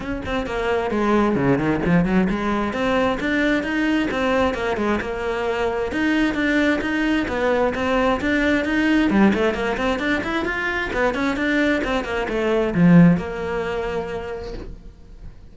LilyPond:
\new Staff \with { instrumentName = "cello" } { \time 4/4 \tempo 4 = 132 cis'8 c'8 ais4 gis4 cis8 dis8 | f8 fis8 gis4 c'4 d'4 | dis'4 c'4 ais8 gis8 ais4~ | ais4 dis'4 d'4 dis'4 |
b4 c'4 d'4 dis'4 | g8 a8 ais8 c'8 d'8 e'8 f'4 | b8 cis'8 d'4 c'8 ais8 a4 | f4 ais2. | }